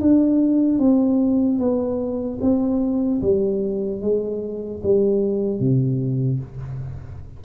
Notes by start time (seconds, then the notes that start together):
0.00 D4
0.78 C4
1.58 B3
2.41 C4
3.21 G3
4.01 G#3
4.83 G3
5.59 C3